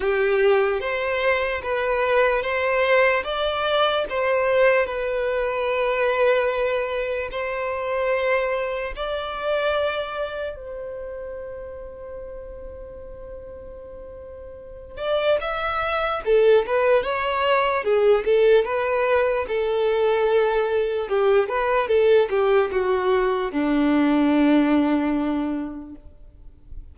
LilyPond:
\new Staff \with { instrumentName = "violin" } { \time 4/4 \tempo 4 = 74 g'4 c''4 b'4 c''4 | d''4 c''4 b'2~ | b'4 c''2 d''4~ | d''4 c''2.~ |
c''2~ c''8 d''8 e''4 | a'8 b'8 cis''4 gis'8 a'8 b'4 | a'2 g'8 b'8 a'8 g'8 | fis'4 d'2. | }